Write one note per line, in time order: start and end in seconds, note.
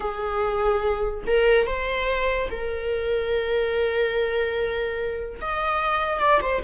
0.00 1.24 G#4
1.27 1.66 A#4
1.66 2.49 C5
2.50 5.40 A#4
5.41 6.20 D#5
6.20 6.40 D5
6.41 6.62 C5